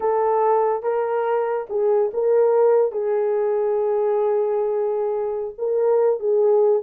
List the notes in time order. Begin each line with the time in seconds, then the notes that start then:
0.00 A4
0.83 A#4
1.69 G#4
2.13 A#4
2.92 G#4
5.57 A#4
6.19 G#4